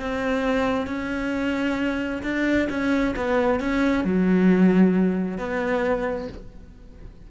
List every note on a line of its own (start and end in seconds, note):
0.00 0.87 C4
0.87 2.22 C#4
2.23 2.68 D4
2.70 3.15 C#4
3.16 3.60 B3
3.60 4.05 C#4
4.05 5.38 F#3
5.38 6.28 B3